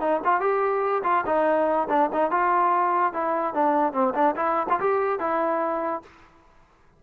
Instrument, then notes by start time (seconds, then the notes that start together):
trombone
0.00 D#4
0.24 F4
0.40 G4
1.04 F4
1.26 D#4
1.89 D4
2.13 D#4
2.31 F4
3.13 E4
3.54 D4
3.93 C4
4.14 D4
4.36 E4
4.69 F4
4.80 G4
5.19 E4